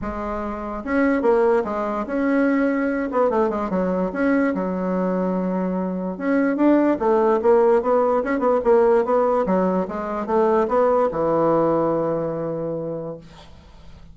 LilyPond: \new Staff \with { instrumentName = "bassoon" } { \time 4/4 \tempo 4 = 146 gis2 cis'4 ais4 | gis4 cis'2~ cis'8 b8 | a8 gis8 fis4 cis'4 fis4~ | fis2. cis'4 |
d'4 a4 ais4 b4 | cis'8 b8 ais4 b4 fis4 | gis4 a4 b4 e4~ | e1 | }